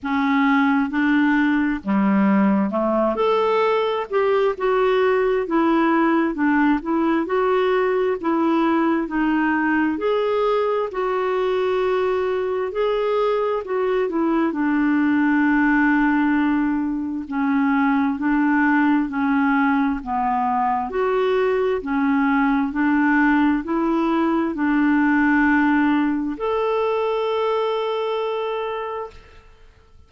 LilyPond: \new Staff \with { instrumentName = "clarinet" } { \time 4/4 \tempo 4 = 66 cis'4 d'4 g4 a8 a'8~ | a'8 g'8 fis'4 e'4 d'8 e'8 | fis'4 e'4 dis'4 gis'4 | fis'2 gis'4 fis'8 e'8 |
d'2. cis'4 | d'4 cis'4 b4 fis'4 | cis'4 d'4 e'4 d'4~ | d'4 a'2. | }